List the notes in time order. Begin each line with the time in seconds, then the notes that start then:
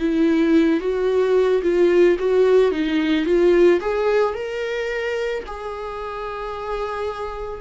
0.00 E4
0.80 F#4
1.63 F4
2.19 F#4
2.72 D#4
3.26 F4
3.81 G#4
4.34 A#4
5.47 G#4